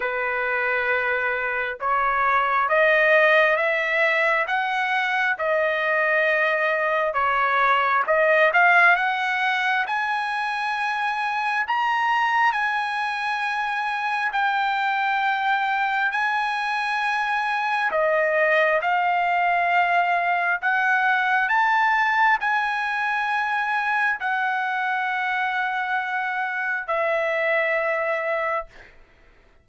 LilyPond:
\new Staff \with { instrumentName = "trumpet" } { \time 4/4 \tempo 4 = 67 b'2 cis''4 dis''4 | e''4 fis''4 dis''2 | cis''4 dis''8 f''8 fis''4 gis''4~ | gis''4 ais''4 gis''2 |
g''2 gis''2 | dis''4 f''2 fis''4 | a''4 gis''2 fis''4~ | fis''2 e''2 | }